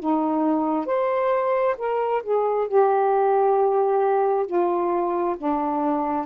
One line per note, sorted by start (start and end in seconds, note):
0.00 0.86 D#4
0.86 1.76 C5
1.78 2.23 A#4
2.23 2.68 G#4
2.68 4.47 G4
4.47 5.36 F4
5.38 6.26 D4